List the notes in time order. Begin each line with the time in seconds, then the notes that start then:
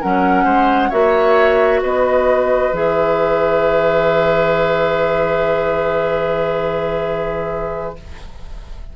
0.00 F#3 C#4 A#4 F#5
0.44 G#3 C5
0.89 A#3 F#4 C#5 E5
1.82 B3 B4 D#5
2.73 E3 G#4 E5